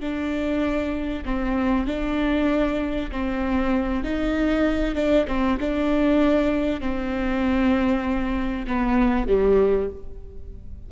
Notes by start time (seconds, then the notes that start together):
0.00 D4
1.25 C4
1.86 D4
3.11 C4
4.04 D#4
4.95 D4
5.27 C4
5.60 D4
6.80 C4
8.67 B3
9.27 G3